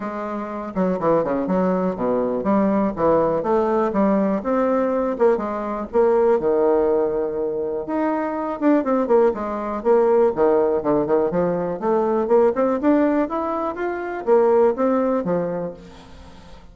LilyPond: \new Staff \with { instrumentName = "bassoon" } { \time 4/4 \tempo 4 = 122 gis4. fis8 e8 cis8 fis4 | b,4 g4 e4 a4 | g4 c'4. ais8 gis4 | ais4 dis2. |
dis'4. d'8 c'8 ais8 gis4 | ais4 dis4 d8 dis8 f4 | a4 ais8 c'8 d'4 e'4 | f'4 ais4 c'4 f4 | }